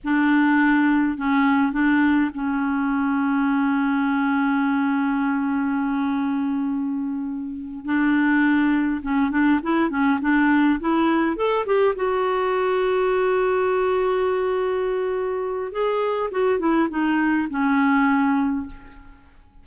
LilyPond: \new Staff \with { instrumentName = "clarinet" } { \time 4/4 \tempo 4 = 103 d'2 cis'4 d'4 | cis'1~ | cis'1~ | cis'4. d'2 cis'8 |
d'8 e'8 cis'8 d'4 e'4 a'8 | g'8 fis'2.~ fis'8~ | fis'2. gis'4 | fis'8 e'8 dis'4 cis'2 | }